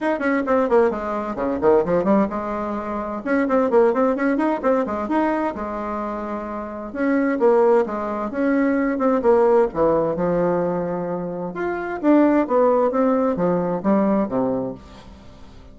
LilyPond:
\new Staff \with { instrumentName = "bassoon" } { \time 4/4 \tempo 4 = 130 dis'8 cis'8 c'8 ais8 gis4 cis8 dis8 | f8 g8 gis2 cis'8 c'8 | ais8 c'8 cis'8 dis'8 c'8 gis8 dis'4 | gis2. cis'4 |
ais4 gis4 cis'4. c'8 | ais4 e4 f2~ | f4 f'4 d'4 b4 | c'4 f4 g4 c4 | }